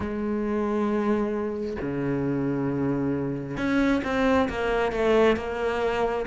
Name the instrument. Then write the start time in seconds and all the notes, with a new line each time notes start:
cello
0.00 G#3
1.81 C#3
3.57 C#4
4.04 C4
4.49 A#3
4.92 A3
5.36 A#3